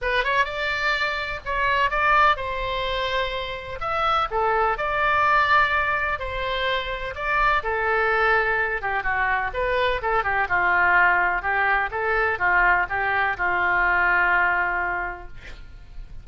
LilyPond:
\new Staff \with { instrumentName = "oboe" } { \time 4/4 \tempo 4 = 126 b'8 cis''8 d''2 cis''4 | d''4 c''2. | e''4 a'4 d''2~ | d''4 c''2 d''4 |
a'2~ a'8 g'8 fis'4 | b'4 a'8 g'8 f'2 | g'4 a'4 f'4 g'4 | f'1 | }